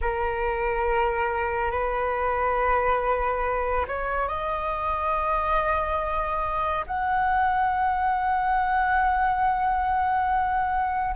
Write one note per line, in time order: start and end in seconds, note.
0.01 1.71 A#4
1.71 3.85 B4
3.87 4.28 C#5
4.28 6.85 D#5
6.86 11.15 F#5